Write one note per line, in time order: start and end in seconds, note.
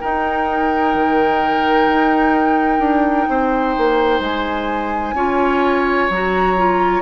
0.00 5.16 D#4
0.00 0.95 D#4
0.00 3.29 A#4
0.00 4.22 G5
0.95 1.88 D#3
1.88 2.79 D#4
2.79 3.26 D4
3.29 3.76 C4
3.29 5.15 C5
3.78 4.20 A#3
4.20 5.14 G#3
4.20 6.11 G#5
5.14 6.08 C#4
5.14 6.10 F4
5.14 7.02 C#5
6.10 7.02 F#3
6.10 6.57 F#4
6.10 7.02 A#5
6.57 7.02 F4